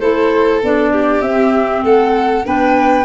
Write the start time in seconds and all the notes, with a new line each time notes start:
0.00 A3 E4 A4 C5
0.63 B3 D4 D5
0.92 G4
1.21 C4 E5
1.83 A3 A4 F#5
2.44 B3 D4 B4 G5